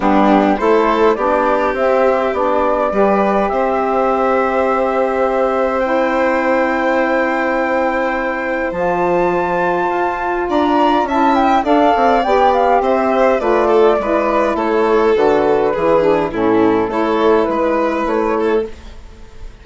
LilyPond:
<<
  \new Staff \with { instrumentName = "flute" } { \time 4/4 \tempo 4 = 103 g'4 c''4 d''4 e''4 | d''2 e''2~ | e''2 g''2~ | g''2. a''4~ |
a''2 ais''4 a''8 g''8 | f''4 g''8 f''8 e''4 d''4~ | d''4 cis''4 b'2 | a'4 cis''4 b'4 cis''4 | }
  \new Staff \with { instrumentName = "violin" } { \time 4/4 d'4 a'4 g'2~ | g'4 b'4 c''2~ | c''1~ | c''1~ |
c''2 d''4 e''4 | d''2 c''4 b'8 a'8 | b'4 a'2 gis'4 | e'4 a'4 b'4. a'8 | }
  \new Staff \with { instrumentName = "saxophone" } { \time 4/4 b4 e'4 d'4 c'4 | d'4 g'2.~ | g'2 e'2~ | e'2. f'4~ |
f'2. e'4 | a'4 g'2 f'4 | e'2 fis'4 e'8 d'8 | cis'4 e'2. | }
  \new Staff \with { instrumentName = "bassoon" } { \time 4/4 g4 a4 b4 c'4 | b4 g4 c'2~ | c'1~ | c'2. f4~ |
f4 f'4 d'4 cis'4 | d'8 c'8 b4 c'4 a4 | gis4 a4 d4 e4 | a,4 a4 gis4 a4 | }
>>